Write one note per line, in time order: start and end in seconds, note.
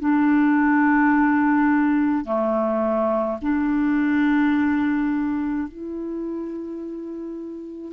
0.00 2.25 D4
2.25 3.38 A3
3.42 5.68 D4
5.68 7.92 E4